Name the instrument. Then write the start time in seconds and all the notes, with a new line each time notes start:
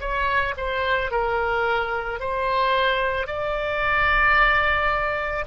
oboe
0.00 C#5
0.57 C5
1.11 A#4
2.20 C5
3.27 D5